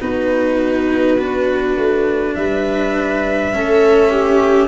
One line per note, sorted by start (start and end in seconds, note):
0.00 1.77 B3
0.00 1.18 D#4
0.00 2.37 F#4
0.00 2.34 B4
1.19 3.53 D4
1.77 2.36 A3
2.34 3.54 G3
2.34 3.55 B4
2.34 4.67 E5
3.53 4.67 A3
3.53 4.67 C#4
3.53 4.10 A4
4.10 4.67 G4